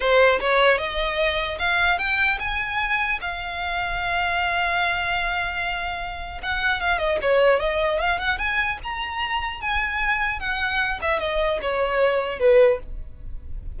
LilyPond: \new Staff \with { instrumentName = "violin" } { \time 4/4 \tempo 4 = 150 c''4 cis''4 dis''2 | f''4 g''4 gis''2 | f''1~ | f''1 |
fis''4 f''8 dis''8 cis''4 dis''4 | f''8 fis''8 gis''4 ais''2 | gis''2 fis''4. e''8 | dis''4 cis''2 b'4 | }